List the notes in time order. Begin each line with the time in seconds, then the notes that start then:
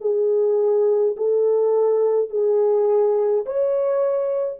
0.00 G#4
1.16 A4
2.30 G#4
3.45 C#5